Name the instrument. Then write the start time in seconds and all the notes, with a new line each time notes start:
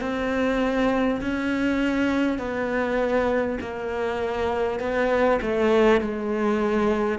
cello
0.00 C4
1.21 C#4
2.38 B3
3.60 A#3
4.79 B3
5.41 A3
6.01 G#3